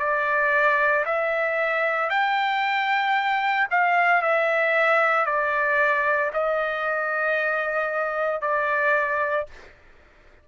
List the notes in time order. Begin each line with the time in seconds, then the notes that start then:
0.00 D5
1.06 E5
2.10 G5
3.71 F5
4.22 E5
5.26 D5
6.34 D#5
8.42 D5